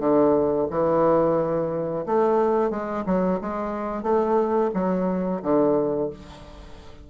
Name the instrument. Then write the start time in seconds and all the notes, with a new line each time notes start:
bassoon
0.00 D3
0.70 E3
2.06 A3
2.71 G#3
3.06 F#3
3.41 G#3
4.03 A3
4.74 F#3
5.43 D3